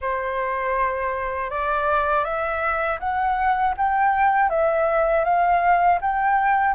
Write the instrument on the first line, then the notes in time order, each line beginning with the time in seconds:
flute
0.01 C5
1.50 D5
2.24 E5
2.99 F#5
3.77 G5
4.49 E5
5.24 F5
6.01 G5